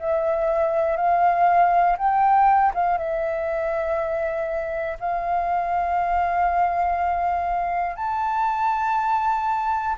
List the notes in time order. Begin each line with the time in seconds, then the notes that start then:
0.00 E5
0.97 F5
1.98 G5
2.75 F5
2.98 E5
5.00 F5
7.96 A5